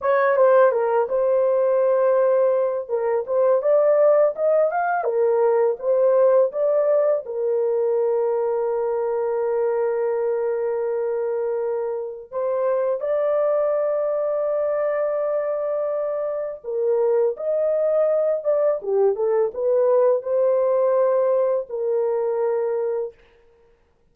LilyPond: \new Staff \with { instrumentName = "horn" } { \time 4/4 \tempo 4 = 83 cis''8 c''8 ais'8 c''2~ c''8 | ais'8 c''8 d''4 dis''8 f''8 ais'4 | c''4 d''4 ais'2~ | ais'1~ |
ais'4 c''4 d''2~ | d''2. ais'4 | dis''4. d''8 g'8 a'8 b'4 | c''2 ais'2 | }